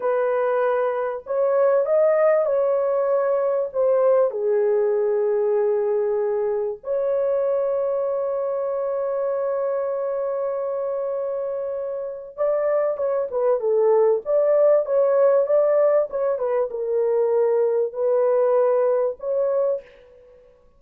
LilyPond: \new Staff \with { instrumentName = "horn" } { \time 4/4 \tempo 4 = 97 b'2 cis''4 dis''4 | cis''2 c''4 gis'4~ | gis'2. cis''4~ | cis''1~ |
cis''1 | d''4 cis''8 b'8 a'4 d''4 | cis''4 d''4 cis''8 b'8 ais'4~ | ais'4 b'2 cis''4 | }